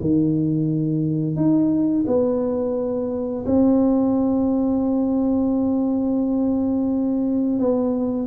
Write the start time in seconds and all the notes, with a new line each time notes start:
0.00 D#3
1.36 D#4
2.07 B3
3.46 C4
7.59 B3